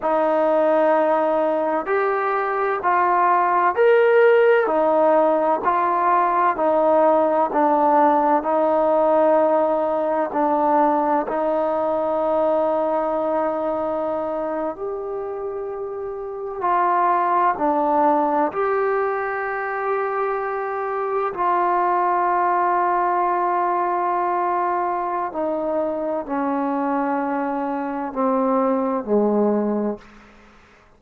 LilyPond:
\new Staff \with { instrumentName = "trombone" } { \time 4/4 \tempo 4 = 64 dis'2 g'4 f'4 | ais'4 dis'4 f'4 dis'4 | d'4 dis'2 d'4 | dis'2.~ dis'8. g'16~ |
g'4.~ g'16 f'4 d'4 g'16~ | g'2~ g'8. f'4~ f'16~ | f'2. dis'4 | cis'2 c'4 gis4 | }